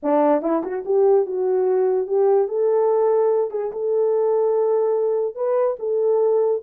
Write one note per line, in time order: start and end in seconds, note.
0.02 0.42 D4
0.42 0.62 E4
0.63 0.84 F#4
0.85 1.26 G4
1.26 2.07 F#4
2.07 2.48 G4
2.48 3.51 A4
3.51 3.71 G#4
3.72 5.35 A4
5.35 5.76 B4
5.79 6.62 A4